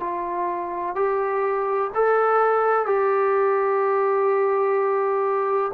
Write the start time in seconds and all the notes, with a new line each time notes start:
0.00 F4
0.95 G4
1.94 A4
2.86 G4